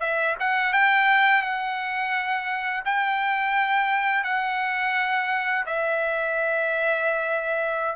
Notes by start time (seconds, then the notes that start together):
0.00 E5
0.40 F#5
0.73 G5
1.42 F#5
2.85 G5
4.24 F#5
5.66 E5